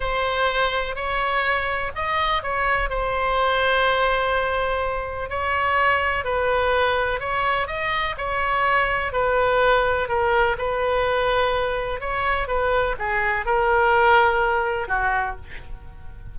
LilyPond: \new Staff \with { instrumentName = "oboe" } { \time 4/4 \tempo 4 = 125 c''2 cis''2 | dis''4 cis''4 c''2~ | c''2. cis''4~ | cis''4 b'2 cis''4 |
dis''4 cis''2 b'4~ | b'4 ais'4 b'2~ | b'4 cis''4 b'4 gis'4 | ais'2. fis'4 | }